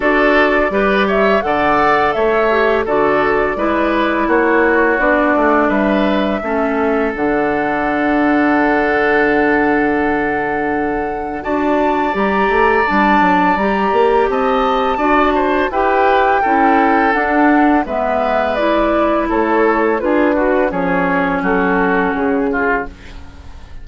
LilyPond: <<
  \new Staff \with { instrumentName = "flute" } { \time 4/4 \tempo 4 = 84 d''4. e''8 fis''4 e''4 | d''2 cis''4 d''4 | e''2 fis''2~ | fis''1 |
a''4 ais''4 a''4 ais''4 | a''2 g''2 | fis''4 e''4 d''4 cis''4 | b'4 cis''4 a'4 gis'4 | }
  \new Staff \with { instrumentName = "oboe" } { \time 4/4 a'4 b'8 cis''8 d''4 cis''4 | a'4 b'4 fis'2 | b'4 a'2.~ | a'1 |
d''1 | dis''4 d''8 c''8 b'4 a'4~ | a'4 b'2 a'4 | gis'8 fis'8 gis'4 fis'4. f'8 | }
  \new Staff \with { instrumentName = "clarinet" } { \time 4/4 fis'4 g'4 a'4. g'8 | fis'4 e'2 d'4~ | d'4 cis'4 d'2~ | d'1 |
fis'4 g'4 d'4 g'4~ | g'4 fis'4 g'4 e'4 | d'4 b4 e'2 | f'8 fis'8 cis'2. | }
  \new Staff \with { instrumentName = "bassoon" } { \time 4/4 d'4 g4 d4 a4 | d4 gis4 ais4 b8 a8 | g4 a4 d2~ | d1 |
d'4 g8 a8 g8 fis8 g8 ais8 | c'4 d'4 e'4 cis'4 | d'4 gis2 a4 | d'4 f4 fis4 cis4 | }
>>